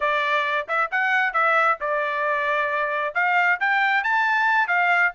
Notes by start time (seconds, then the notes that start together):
0.00 D5
0.68 E5
0.91 F#5
1.33 E5
1.80 D5
3.14 F5
3.60 G5
4.03 A5
4.67 F5